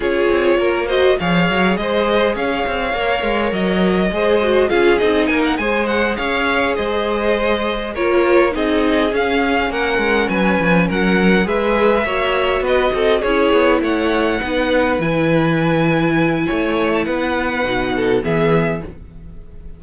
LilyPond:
<<
  \new Staff \with { instrumentName = "violin" } { \time 4/4 \tempo 4 = 102 cis''4. dis''8 f''4 dis''4 | f''2 dis''2 | f''8 dis''8 gis''16 fis''16 gis''8 fis''8 f''4 dis''8~ | dis''4. cis''4 dis''4 f''8~ |
f''8 fis''4 gis''4 fis''4 e''8~ | e''4. dis''4 cis''4 fis''8~ | fis''4. gis''2~ gis''8~ | gis''8. a''16 fis''2 e''4 | }
  \new Staff \with { instrumentName = "violin" } { \time 4/4 gis'4 ais'8 c''8 cis''4 c''4 | cis''2. c''4 | gis'4 ais'8 c''4 cis''4 c''8~ | c''4. ais'4 gis'4.~ |
gis'8 ais'4 b'4 ais'4 b'8~ | b'8 cis''4 b'8 a'8 gis'4 cis''8~ | cis''8 b'2.~ b'8 | cis''4 b'4. a'8 gis'4 | }
  \new Staff \with { instrumentName = "viola" } { \time 4/4 f'4. fis'8 gis'2~ | gis'4 ais'2 gis'8 fis'8 | f'8 dis'4 gis'2~ gis'8~ | gis'4. f'4 dis'4 cis'8~ |
cis'2.~ cis'8 gis'8~ | gis'8 fis'2 e'4.~ | e'8 dis'4 e'2~ e'8~ | e'2 dis'4 b4 | }
  \new Staff \with { instrumentName = "cello" } { \time 4/4 cis'8 c'8 ais4 f8 fis8 gis4 | cis'8 c'8 ais8 gis8 fis4 gis4 | cis'8 c'8 ais8 gis4 cis'4 gis8~ | gis4. ais4 c'4 cis'8~ |
cis'8 ais8 gis8 fis8 f8 fis4 gis8~ | gis8 ais4 b8 c'8 cis'8 b8 a8~ | a8 b4 e2~ e8 | a4 b4 b,4 e4 | }
>>